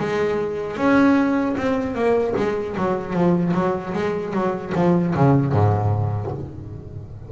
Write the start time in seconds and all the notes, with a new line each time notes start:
0.00 G#3
0.77 C#4
1.58 C4
1.95 A#3
2.36 G#3
2.77 F#3
3.13 F3
3.54 F#3
3.94 G#3
4.33 F#3
4.75 F3
5.15 C#3
5.52 G#2